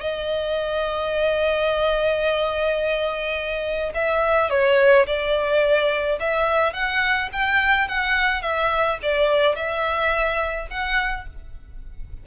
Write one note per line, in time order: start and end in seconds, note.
0.00 3.93 D#5
3.94 4.50 E5
4.50 5.06 C#5
5.06 6.19 D5
6.20 6.73 E5
6.73 7.29 F#5
7.32 7.88 G5
7.88 8.42 F#5
8.42 8.98 E5
9.02 9.55 D5
9.55 10.67 E5
10.70 11.26 F#5